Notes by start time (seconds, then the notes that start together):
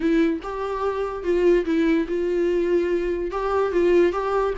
0.00 E4
0.42 G4
1.23 F4
1.65 E4
2.08 F4
3.31 G4
3.71 F4
4.12 G4